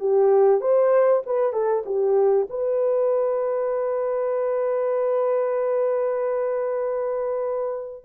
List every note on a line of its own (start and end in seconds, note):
0.00 0.61 G4
0.61 1.23 C5
1.26 1.53 B4
1.53 1.84 A4
1.86 2.48 G4
2.50 8.05 B4